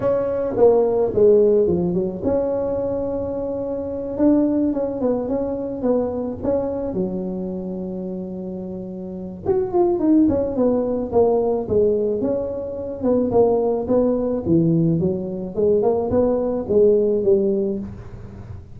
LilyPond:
\new Staff \with { instrumentName = "tuba" } { \time 4/4 \tempo 4 = 108 cis'4 ais4 gis4 f8 fis8 | cis'2.~ cis'8 d'8~ | d'8 cis'8 b8 cis'4 b4 cis'8~ | cis'8 fis2.~ fis8~ |
fis4 fis'8 f'8 dis'8 cis'8 b4 | ais4 gis4 cis'4. b8 | ais4 b4 e4 fis4 | gis8 ais8 b4 gis4 g4 | }